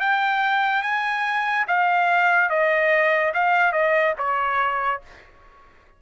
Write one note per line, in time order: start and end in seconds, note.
0.00 0.83 G5
0.83 1.66 G#5
1.68 2.50 F5
2.50 3.33 D#5
3.34 3.73 F5
3.73 4.14 D#5
4.18 5.02 C#5